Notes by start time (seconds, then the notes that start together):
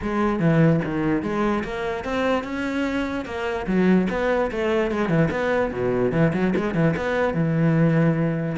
0.01 G#3
0.39 E3
0.84 D#3
1.22 G#3
1.63 A#3
2.04 C4
2.43 C#4
3.25 A#3
3.66 F#3
4.09 B3
4.51 A3
4.91 G#3
5.09 E3
5.31 B3
5.72 B2
6.12 E3
6.33 F#3
6.55 G#3
6.74 E3
6.96 B3
7.33 E3